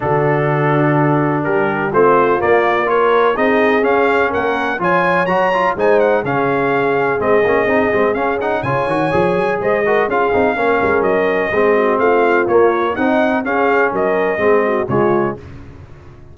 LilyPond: <<
  \new Staff \with { instrumentName = "trumpet" } { \time 4/4 \tempo 4 = 125 a'2. ais'4 | c''4 d''4 cis''4 dis''4 | f''4 fis''4 gis''4 ais''4 | gis''8 fis''8 f''2 dis''4~ |
dis''4 f''8 fis''8 gis''2 | dis''4 f''2 dis''4~ | dis''4 f''4 cis''4 fis''4 | f''4 dis''2 cis''4 | }
  \new Staff \with { instrumentName = "horn" } { \time 4/4 fis'2. g'4 | f'2 ais'4 gis'4~ | gis'4 ais'4 cis''2 | c''4 gis'2.~ |
gis'2 cis''2 | c''8 ais'8 gis'4 ais'2 | gis'8 fis'8 f'2 dis'4 | gis'4 ais'4 gis'8 fis'8 f'4 | }
  \new Staff \with { instrumentName = "trombone" } { \time 4/4 d'1 | c'4 ais4 f'4 dis'4 | cis'2 f'4 fis'8 f'8 | dis'4 cis'2 c'8 cis'8 |
dis'8 c'8 cis'8 dis'8 f'8 fis'8 gis'4~ | gis'8 fis'8 f'8 dis'8 cis'2 | c'2 ais4 dis'4 | cis'2 c'4 gis4 | }
  \new Staff \with { instrumentName = "tuba" } { \time 4/4 d2. g4 | a4 ais2 c'4 | cis'4 ais4 f4 fis4 | gis4 cis2 gis8 ais8 |
c'8 gis8 cis'4 cis8 dis8 f8 fis8 | gis4 cis'8 c'8 ais8 gis8 fis4 | gis4 a4 ais4 c'4 | cis'4 fis4 gis4 cis4 | }
>>